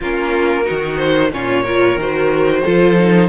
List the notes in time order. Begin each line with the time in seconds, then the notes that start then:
0.00 A#3 C#4 F4 A#4
0.63 D#4 F#4
0.70 D#3
0.97 C5
1.31 A#2 C#4 F4 C#5
1.63 F4 A#4
1.95 D#3 F#4 C5
2.63 F3 F4 A4
2.98 D#4